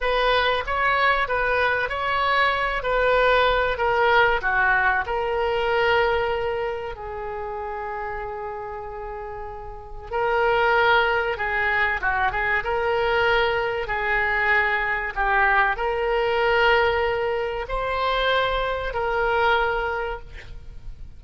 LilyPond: \new Staff \with { instrumentName = "oboe" } { \time 4/4 \tempo 4 = 95 b'4 cis''4 b'4 cis''4~ | cis''8 b'4. ais'4 fis'4 | ais'2. gis'4~ | gis'1 |
ais'2 gis'4 fis'8 gis'8 | ais'2 gis'2 | g'4 ais'2. | c''2 ais'2 | }